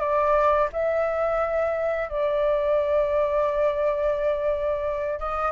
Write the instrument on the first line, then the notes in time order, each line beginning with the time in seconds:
flute
0.00 D5
0.73 E5
2.09 D5
5.20 D#5